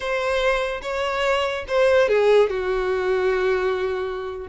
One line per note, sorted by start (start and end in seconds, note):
0.00 0.81 C5
0.82 1.65 C#5
1.68 2.08 C5
2.08 2.49 G#4
2.49 4.47 F#4